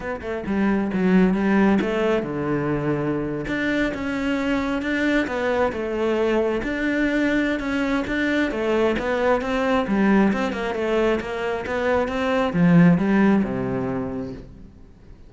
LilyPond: \new Staff \with { instrumentName = "cello" } { \time 4/4 \tempo 4 = 134 b8 a8 g4 fis4 g4 | a4 d2~ d8. d'16~ | d'8. cis'2 d'4 b16~ | b8. a2 d'4~ d'16~ |
d'4 cis'4 d'4 a4 | b4 c'4 g4 c'8 ais8 | a4 ais4 b4 c'4 | f4 g4 c2 | }